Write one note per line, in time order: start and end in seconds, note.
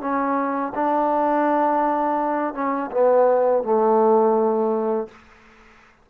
0.00 0.72 C#4
0.75 2.54 D4
2.54 2.90 C#4
2.91 3.63 B3
3.63 5.07 A3